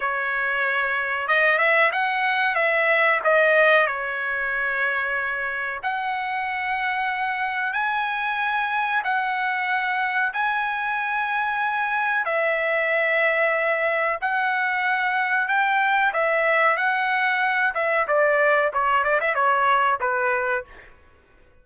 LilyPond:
\new Staff \with { instrumentName = "trumpet" } { \time 4/4 \tempo 4 = 93 cis''2 dis''8 e''8 fis''4 | e''4 dis''4 cis''2~ | cis''4 fis''2. | gis''2 fis''2 |
gis''2. e''4~ | e''2 fis''2 | g''4 e''4 fis''4. e''8 | d''4 cis''8 d''16 e''16 cis''4 b'4 | }